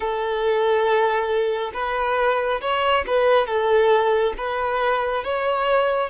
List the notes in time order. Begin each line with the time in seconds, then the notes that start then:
0.00 A4
1.74 B4
2.61 C#5
3.06 B4
3.46 A4
4.37 B4
5.24 C#5